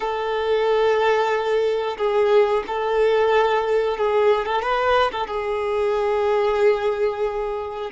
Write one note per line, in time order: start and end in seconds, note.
0.00 1.97 A4
1.97 2.63 G#4
2.67 3.97 A4
3.97 4.45 G#4
4.45 4.62 A4
4.62 5.11 B4
5.11 5.27 A4
5.27 7.90 G#4